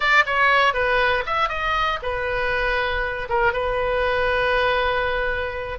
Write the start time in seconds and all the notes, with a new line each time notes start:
0.00 D5
0.25 C#5
0.73 B4
1.26 E5
1.49 D#5
2.02 B4
3.29 A#4
3.52 B4